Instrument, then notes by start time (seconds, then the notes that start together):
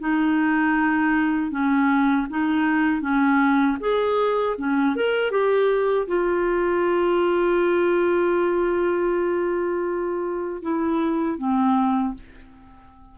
clarinet
0.00 D#4
1.51 C#4
2.30 D#4
3.01 C#4
3.80 G#4
4.58 C#4
4.96 A#4
5.31 G4
6.08 F4
10.62 E4
11.38 C4